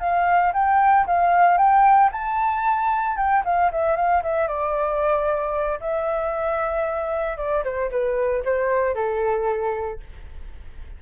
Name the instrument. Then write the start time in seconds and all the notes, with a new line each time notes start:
flute
0.00 F5
0.53 G5
1.06 F5
1.57 G5
2.12 A5
3.17 G5
3.45 F5
3.72 E5
3.96 F5
4.23 E5
4.48 D5
5.81 E5
7.38 D5
7.64 C5
7.91 B4
8.45 C5
8.95 A4